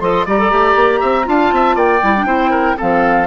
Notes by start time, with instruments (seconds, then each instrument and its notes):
0.00 bassoon F3, clarinet A4, oboe D#5, flute C6
0.26 bassoon G3, clarinet G4, oboe D5, flute A#5
0.39 clarinet A4
0.50 bassoon A3, clarinet G4
0.75 bassoon A#3
1.00 bassoon C4, oboe E5
1.24 bassoon D4, clarinet F4, oboe F5, flute A5
1.52 bassoon C4, oboe E5
1.75 bassoon A#3, oboe D5, flute G5
2.02 bassoon G3, clarinet E4
2.16 clarinet D4
2.25 bassoon C4, clarinet E4, oboe C5
2.50 oboe A#4
2.76 bassoon F3, clarinet C4, oboe A4, flute F5